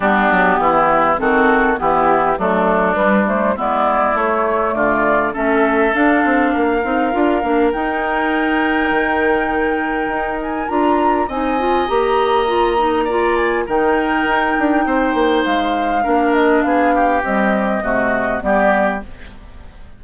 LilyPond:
<<
  \new Staff \with { instrumentName = "flute" } { \time 4/4 \tempo 4 = 101 g'2 a'4 g'4 | a'4 b'8 c''8 d''4 cis''4 | d''4 e''4 f''2~ | f''4 g''2.~ |
g''4. gis''8 ais''4 gis''4 | ais''2~ ais''8 gis''8 g''4~ | g''2 f''4. dis''8 | f''4 dis''2 d''4 | }
  \new Staff \with { instrumentName = "oboe" } { \time 4/4 d'4 e'4 fis'4 e'4 | d'2 e'2 | f'4 a'2 ais'4~ | ais'1~ |
ais'2. dis''4~ | dis''2 d''4 ais'4~ | ais'4 c''2 ais'4 | gis'8 g'4. fis'4 g'4 | }
  \new Staff \with { instrumentName = "clarinet" } { \time 4/4 b2 c'4 b4 | a4 g8 a8 b4 a4~ | a4 cis'4 d'4. dis'8 | f'8 d'8 dis'2.~ |
dis'2 f'4 dis'8 f'8 | g'4 f'8 dis'8 f'4 dis'4~ | dis'2. d'4~ | d'4 g4 a4 b4 | }
  \new Staff \with { instrumentName = "bassoon" } { \time 4/4 g8 fis8 e4 dis4 e4 | fis4 g4 gis4 a4 | d4 a4 d'8 c'8 ais8 c'8 | d'8 ais8 dis'2 dis4~ |
dis4 dis'4 d'4 c'4 | ais2. dis4 | dis'8 d'8 c'8 ais8 gis4 ais4 | b4 c'4 c4 g4 | }
>>